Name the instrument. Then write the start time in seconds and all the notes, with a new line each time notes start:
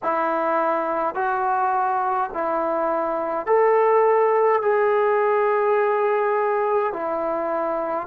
trombone
0.03 E4
1.14 F#4
2.33 E4
3.46 A4
4.62 G#4
6.92 E4